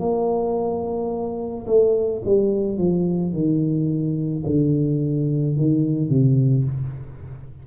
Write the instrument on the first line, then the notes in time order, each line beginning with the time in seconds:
tuba
0.00 A#3
1.67 A3
2.25 G3
2.78 F3
3.33 D#3
4.46 D3
5.57 D#3
6.09 C3